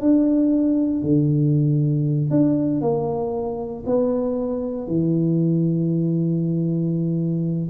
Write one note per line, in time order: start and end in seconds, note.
0.00 1.02 D4
1.02 2.30 D3
2.30 2.81 D4
2.81 3.84 A#3
3.86 4.87 B3
4.87 7.69 E3